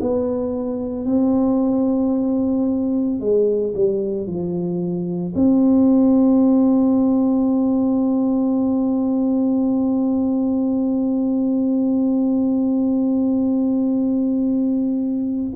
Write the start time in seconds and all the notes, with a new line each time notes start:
0.00 B3
1.05 C4
3.19 G#3
3.74 G3
4.26 F3
5.35 C4